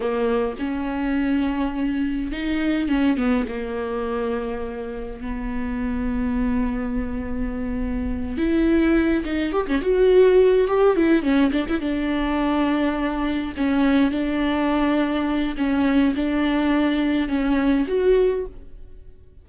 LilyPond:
\new Staff \with { instrumentName = "viola" } { \time 4/4 \tempo 4 = 104 ais4 cis'2. | dis'4 cis'8 b8 ais2~ | ais4 b2.~ | b2~ b8 e'4. |
dis'8 g'16 cis'16 fis'4. g'8 e'8 cis'8 | d'16 e'16 d'2. cis'8~ | cis'8 d'2~ d'8 cis'4 | d'2 cis'4 fis'4 | }